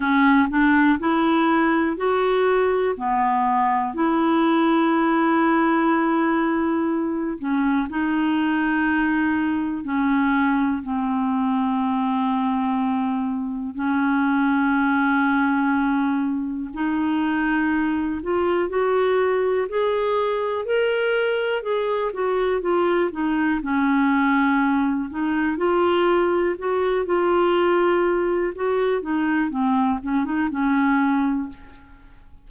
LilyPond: \new Staff \with { instrumentName = "clarinet" } { \time 4/4 \tempo 4 = 61 cis'8 d'8 e'4 fis'4 b4 | e'2.~ e'8 cis'8 | dis'2 cis'4 c'4~ | c'2 cis'2~ |
cis'4 dis'4. f'8 fis'4 | gis'4 ais'4 gis'8 fis'8 f'8 dis'8 | cis'4. dis'8 f'4 fis'8 f'8~ | f'4 fis'8 dis'8 c'8 cis'16 dis'16 cis'4 | }